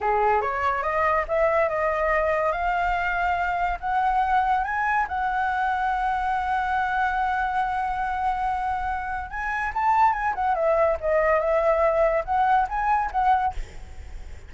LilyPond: \new Staff \with { instrumentName = "flute" } { \time 4/4 \tempo 4 = 142 gis'4 cis''4 dis''4 e''4 | dis''2 f''2~ | f''4 fis''2 gis''4 | fis''1~ |
fis''1~ | fis''2 gis''4 a''4 | gis''8 fis''8 e''4 dis''4 e''4~ | e''4 fis''4 gis''4 fis''4 | }